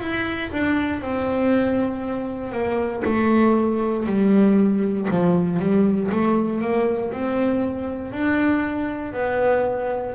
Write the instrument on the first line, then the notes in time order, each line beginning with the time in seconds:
double bass
0.00 E4
0.52 D4
1.01 C4
2.52 A#3
3.05 A3
4.07 G3
5.10 F3
5.59 G3
6.11 A3
6.61 A#3
7.12 C4
8.12 D4
9.13 B3